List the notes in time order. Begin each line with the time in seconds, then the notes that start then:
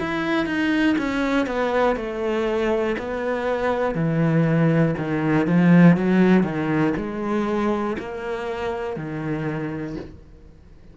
0.00 E4
0.46 D#4
0.99 C#4
1.47 B3
1.97 A3
2.99 B3
3.95 E3
4.98 D#3
5.47 F3
5.97 F#3
6.44 D#3
6.97 G#3
7.99 A#3
8.97 D#3